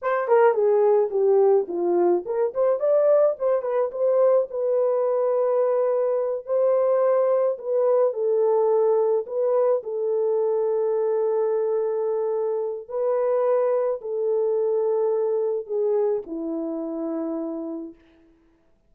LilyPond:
\new Staff \with { instrumentName = "horn" } { \time 4/4 \tempo 4 = 107 c''8 ais'8 gis'4 g'4 f'4 | ais'8 c''8 d''4 c''8 b'8 c''4 | b'2.~ b'8 c''8~ | c''4. b'4 a'4.~ |
a'8 b'4 a'2~ a'8~ | a'2. b'4~ | b'4 a'2. | gis'4 e'2. | }